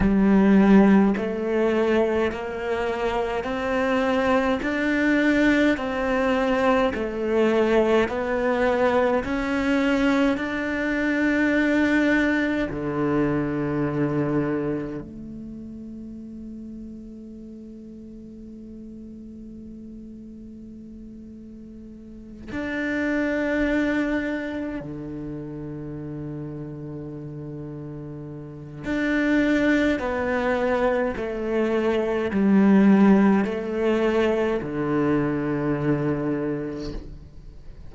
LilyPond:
\new Staff \with { instrumentName = "cello" } { \time 4/4 \tempo 4 = 52 g4 a4 ais4 c'4 | d'4 c'4 a4 b4 | cis'4 d'2 d4~ | d4 a2.~ |
a2.~ a8 d'8~ | d'4. d2~ d8~ | d4 d'4 b4 a4 | g4 a4 d2 | }